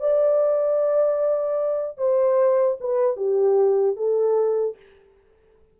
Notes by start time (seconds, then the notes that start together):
0.00 D5
1.97 C5
2.80 B4
3.16 G4
3.96 A4